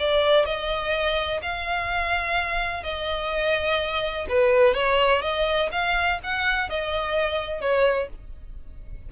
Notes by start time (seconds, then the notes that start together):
0.00 D5
0.46 D#5
1.43 F5
2.84 D#5
4.29 B4
4.75 C#5
5.22 D#5
5.73 F5
6.24 F#5
6.70 D#5
7.62 C#5